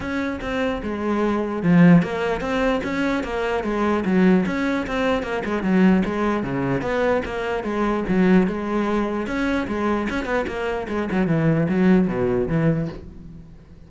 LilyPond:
\new Staff \with { instrumentName = "cello" } { \time 4/4 \tempo 4 = 149 cis'4 c'4 gis2 | f4 ais4 c'4 cis'4 | ais4 gis4 fis4 cis'4 | c'4 ais8 gis8 fis4 gis4 |
cis4 b4 ais4 gis4 | fis4 gis2 cis'4 | gis4 cis'8 b8 ais4 gis8 fis8 | e4 fis4 b,4 e4 | }